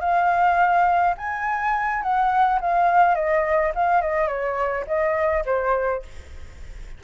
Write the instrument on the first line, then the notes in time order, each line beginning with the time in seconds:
flute
0.00 F5
1.17 G#5
2.02 F#5
2.61 F5
3.15 D#5
3.75 F5
4.01 D#5
4.27 C#5
4.87 D#5
5.45 C5